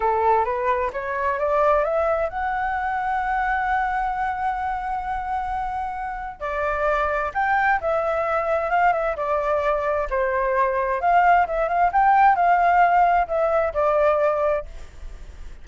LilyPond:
\new Staff \with { instrumentName = "flute" } { \time 4/4 \tempo 4 = 131 a'4 b'4 cis''4 d''4 | e''4 fis''2.~ | fis''1~ | fis''2 d''2 |
g''4 e''2 f''8 e''8 | d''2 c''2 | f''4 e''8 f''8 g''4 f''4~ | f''4 e''4 d''2 | }